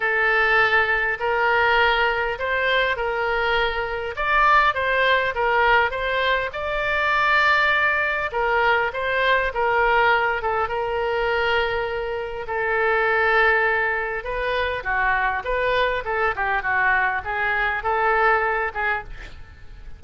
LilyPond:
\new Staff \with { instrumentName = "oboe" } { \time 4/4 \tempo 4 = 101 a'2 ais'2 | c''4 ais'2 d''4 | c''4 ais'4 c''4 d''4~ | d''2 ais'4 c''4 |
ais'4. a'8 ais'2~ | ais'4 a'2. | b'4 fis'4 b'4 a'8 g'8 | fis'4 gis'4 a'4. gis'8 | }